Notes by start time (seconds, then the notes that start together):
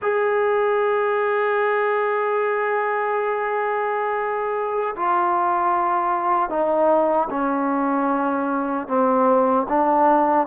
0.01 G#4
4.96 F4
6.49 D#4
7.30 C#4
8.87 C4
9.69 D4